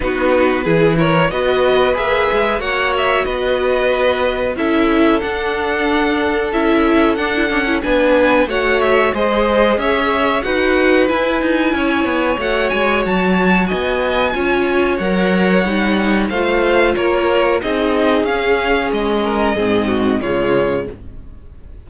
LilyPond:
<<
  \new Staff \with { instrumentName = "violin" } { \time 4/4 \tempo 4 = 92 b'4. cis''8 dis''4 e''4 | fis''8 e''8 dis''2 e''4 | fis''2 e''4 fis''4 | gis''4 fis''8 e''8 dis''4 e''4 |
fis''4 gis''2 fis''8 gis''8 | a''4 gis''2 fis''4~ | fis''4 f''4 cis''4 dis''4 | f''4 dis''2 cis''4 | }
  \new Staff \with { instrumentName = "violin" } { \time 4/4 fis'4 gis'8 ais'8 b'2 | cis''4 b'2 a'4~ | a'1 | b'4 cis''4 c''4 cis''4 |
b'2 cis''2~ | cis''4 dis''4 cis''2~ | cis''4 c''4 ais'4 gis'4~ | gis'4. ais'8 gis'8 fis'8 f'4 | }
  \new Staff \with { instrumentName = "viola" } { \time 4/4 dis'4 e'4 fis'4 gis'4 | fis'2. e'4 | d'2 e'4 d'16 e'16 d'16 e'16 | d'4 fis'4 gis'2 |
fis'4 e'2 fis'4~ | fis'2 f'4 ais'4 | dis'4 f'2 dis'4 | cis'2 c'4 gis4 | }
  \new Staff \with { instrumentName = "cello" } { \time 4/4 b4 e4 b4 ais8 gis8 | ais4 b2 cis'4 | d'2 cis'4 d'8 cis'8 | b4 a4 gis4 cis'4 |
dis'4 e'8 dis'8 cis'8 b8 a8 gis8 | fis4 b4 cis'4 fis4 | g4 a4 ais4 c'4 | cis'4 gis4 gis,4 cis4 | }
>>